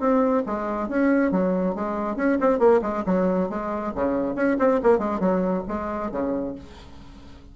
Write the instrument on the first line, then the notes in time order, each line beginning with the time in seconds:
bassoon
0.00 C4
0.46 G#3
0.89 C#4
1.32 F#3
1.75 G#3
2.17 C#4
2.41 C4
2.59 A#3
2.82 G#3
3.06 F#3
3.50 G#3
3.95 C#3
4.36 C#4
4.59 C4
4.83 A#3
4.99 G#3
5.20 F#3
5.68 G#3
6.12 C#3